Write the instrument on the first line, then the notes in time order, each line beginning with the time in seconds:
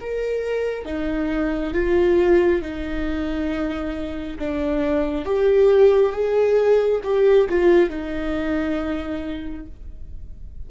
viola
0.00 A#4
0.85 D#4
1.73 F4
2.61 D#4
4.39 D4
5.25 G4
6.12 G#4
7.03 G4
7.49 F4
7.89 D#4